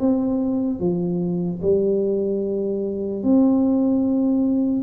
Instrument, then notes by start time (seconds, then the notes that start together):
tuba
0.00 C4
0.80 F3
1.63 G3
3.24 C4